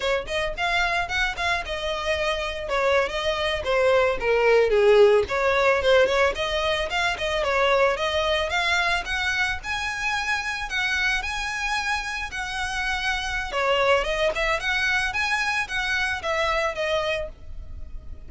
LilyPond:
\new Staff \with { instrumentName = "violin" } { \time 4/4 \tempo 4 = 111 cis''8 dis''8 f''4 fis''8 f''8 dis''4~ | dis''4 cis''8. dis''4 c''4 ais'16~ | ais'8. gis'4 cis''4 c''8 cis''8 dis''16~ | dis''8. f''8 dis''8 cis''4 dis''4 f''16~ |
f''8. fis''4 gis''2 fis''16~ | fis''8. gis''2 fis''4~ fis''16~ | fis''4 cis''4 dis''8 e''8 fis''4 | gis''4 fis''4 e''4 dis''4 | }